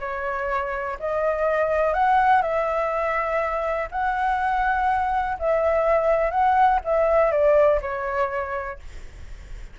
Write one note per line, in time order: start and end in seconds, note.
0.00 0.98 C#5
0.99 1.93 D#5
1.93 2.42 F#5
2.42 3.88 E5
3.91 5.37 F#5
5.39 6.30 E5
6.30 6.79 F#5
6.84 7.31 E5
7.31 7.80 D5
7.81 8.79 C#5